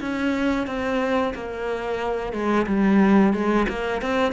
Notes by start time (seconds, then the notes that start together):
0.00 C#4
0.67 C4
1.34 A#3
2.32 G#3
2.66 G3
3.33 G#3
3.68 A#3
4.01 C4